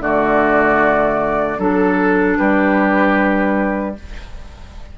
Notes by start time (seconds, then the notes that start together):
0.00 D3 A3 F#4 D5
1.58 F#3 D4 A4
2.38 G3 G4 B4